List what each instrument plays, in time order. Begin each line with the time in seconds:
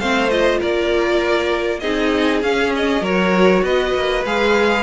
0.00 cello A3, viola C4, violin C5 F5
0.29 viola F4, violin D#5
0.59 cello A#3, violin A#4 D5
1.80 cello C4, viola D#4, violin G#4 D#5
2.42 cello C#4, viola C#4, violin F5
2.76 violin D#5
3.01 cello F#3, viola F#4, violin A#4 C#5
3.63 cello B3, violin B4 D#5
3.94 cello A#3
4.25 cello G#3, viola G#4, violin F5